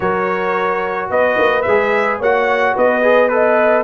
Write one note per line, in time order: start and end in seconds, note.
0.00 1.09 F#3
0.00 1.64 F#4
0.00 1.10 A#4
0.00 1.09 C#5
1.09 1.37 B3
1.09 2.19 B4
1.09 1.62 D#5
1.37 1.65 A#3
1.62 2.20 G#3
1.62 2.17 E5
1.68 2.23 G#4
2.19 2.75 A#3
2.19 3.02 F#4
2.19 2.74 C#5
2.19 2.77 F#5
2.75 3.83 B3
2.75 3.30 B4
2.75 3.28 D#5
3.02 3.29 G#4
3.28 3.83 A4
3.28 3.83 B4
3.28 3.83 D#5